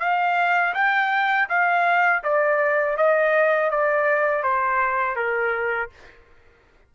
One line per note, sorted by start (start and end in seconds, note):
0.00 0.74 F5
0.74 1.48 G5
1.49 2.23 F5
2.24 2.97 D5
2.97 3.71 D#5
3.71 4.43 D5
4.43 5.16 C5
5.16 5.90 A#4